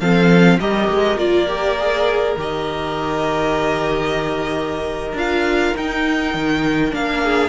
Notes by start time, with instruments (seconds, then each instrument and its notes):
0.00 cello F3, viola C4, violin A4 F5
0.60 cello G3, viola G4, violin A#4 D#5
0.90 cello G#3
1.18 cello A#3, viola F4, violin D5
1.48 viola G4
1.79 viola G#4
2.37 cello D#3, viola G4, violin D#5
5.13 cello D4, viola F4, violin F5
5.76 viola D#4, cello D#4, violin G5
6.34 cello D#3
6.91 cello A#3, viola D4, violin F5
7.24 violin G#4